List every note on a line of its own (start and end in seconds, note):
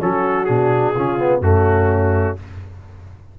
0.00 0.49 F#3
0.00 0.47 C#4
0.00 0.95 F#4
0.00 0.45 A4
0.45 0.97 B2
0.45 0.95 D4
0.45 1.40 G#4
0.95 1.40 C#3
0.95 1.19 C#4
0.95 1.42 F4
1.19 1.42 B3
1.40 2.36 F#2
1.40 2.37 A3
1.40 2.39 C#4
1.40 2.38 F#4